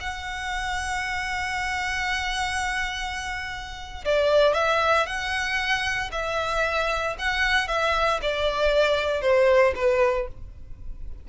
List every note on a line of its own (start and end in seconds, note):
0.00 4.04 F#5
4.05 4.54 D5
4.54 5.06 E5
5.06 6.10 F#5
6.12 7.16 E5
7.18 7.68 F#5
7.68 8.20 E5
8.22 9.21 D5
9.21 9.74 C5
9.75 10.28 B4